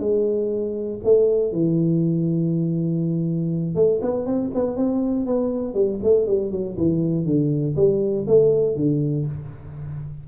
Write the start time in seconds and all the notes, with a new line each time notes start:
0.00 G#3
1.04 A3
1.52 E3
3.75 A3
4.02 B3
4.26 C4
4.54 B3
4.77 C4
5.26 B3
5.74 G3
6.04 A3
6.27 G3
6.52 F#3
6.77 E3
7.25 D3
7.76 G3
8.28 A3
8.76 D3